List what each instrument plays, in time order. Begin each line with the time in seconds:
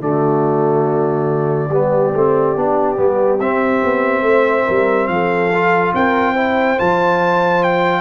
0.00 tuba D3, trombone A3, horn F#4, trumpet D5
1.69 tuba G3, trombone B3, horn G4
2.14 tuba A3, trombone C4
2.55 tuba B3, trombone D4
2.96 tuba G3, trombone B3
3.40 tuba C4, trombone C4, trumpet E5
3.83 tuba B3
4.21 tuba A3, horn C5
4.66 tuba G3, horn A#4
5.08 tuba F3, horn A4, trumpet F5
5.54 trombone F4
5.93 tuba C4, horn A#4, trumpet G5
6.33 trombone E4, horn C5
6.78 tuba F3, trombone F4, trumpet A5
7.63 trumpet G5